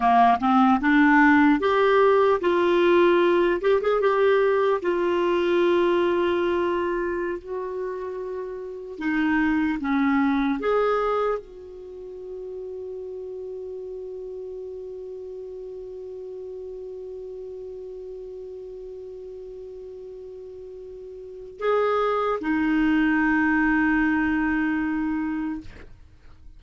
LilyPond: \new Staff \with { instrumentName = "clarinet" } { \time 4/4 \tempo 4 = 75 ais8 c'8 d'4 g'4 f'4~ | f'8 g'16 gis'16 g'4 f'2~ | f'4~ f'16 fis'2 dis'8.~ | dis'16 cis'4 gis'4 fis'4.~ fis'16~ |
fis'1~ | fis'1~ | fis'2. gis'4 | dis'1 | }